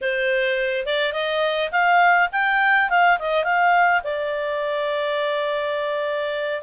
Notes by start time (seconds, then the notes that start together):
0.01 C5
0.85 D5
1.12 D#5
1.71 F5
2.32 G5
2.89 F5
3.19 D#5
3.44 F5
4.03 D5